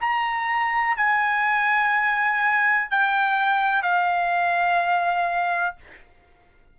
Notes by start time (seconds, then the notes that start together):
0.00 A#5
0.96 G#5
2.90 G5
3.82 F5